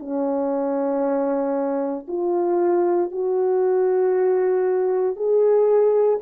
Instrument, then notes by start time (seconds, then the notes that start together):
horn
0.00 C#4
2.08 F4
3.12 F#4
5.17 G#4